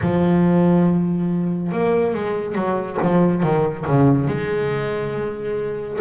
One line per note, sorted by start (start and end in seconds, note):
0.01 1.72 F3
1.72 2.14 A#3
2.14 2.54 G#3
2.54 2.97 F#3
3.02 3.42 F3
3.42 3.85 D#3
3.86 4.27 C#3
4.27 5.99 G#3